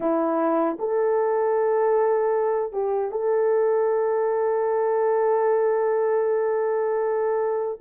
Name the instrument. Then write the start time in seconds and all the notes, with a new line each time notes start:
horn
0.00 E4
0.79 A4
2.72 G4
3.11 A4